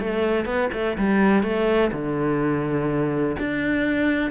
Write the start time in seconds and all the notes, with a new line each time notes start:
0.00 A3
0.46 B3
0.73 A3
0.98 G3
1.43 A3
1.93 D3
3.40 D4